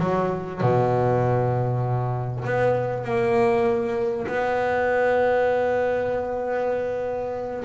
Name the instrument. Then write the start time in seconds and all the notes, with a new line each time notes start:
double bass
0.00 F#3
0.61 B2
2.45 B3
3.04 A#3
4.27 B3